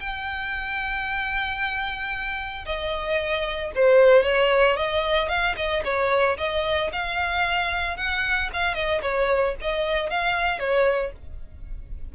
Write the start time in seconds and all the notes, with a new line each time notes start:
0.00 G5
2.66 D#5
3.76 C5
4.24 C#5
4.76 D#5
5.29 F5
5.57 D#5
5.85 C#5
6.38 D#5
6.93 F5
7.97 F#5
8.53 F5
8.75 D#5
9.02 C#5
9.62 D#5
10.10 F5
10.60 C#5